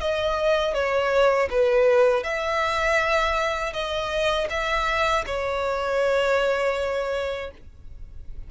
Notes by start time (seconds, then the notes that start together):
0.00 D#5
0.73 C#5
1.50 B4
2.23 E5
3.73 D#5
4.49 E5
5.26 C#5